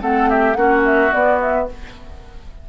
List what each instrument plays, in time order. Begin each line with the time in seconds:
0.00 bassoon A3, clarinet C4, oboe A4, flute F#5
0.29 oboe G4, flute E5
0.54 bassoon A#3, clarinet C#4, oboe F#4, flute F#5
0.85 flute E5
1.12 clarinet B3, bassoon B3, flute D5
1.41 flute E5